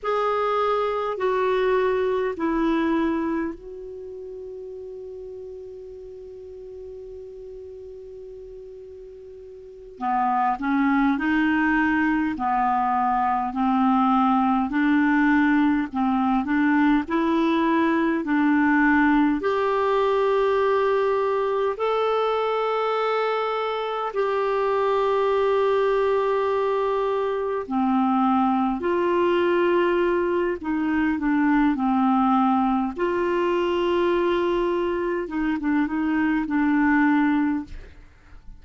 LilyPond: \new Staff \with { instrumentName = "clarinet" } { \time 4/4 \tempo 4 = 51 gis'4 fis'4 e'4 fis'4~ | fis'1~ | fis'8 b8 cis'8 dis'4 b4 c'8~ | c'8 d'4 c'8 d'8 e'4 d'8~ |
d'8 g'2 a'4.~ | a'8 g'2. c'8~ | c'8 f'4. dis'8 d'8 c'4 | f'2 dis'16 d'16 dis'8 d'4 | }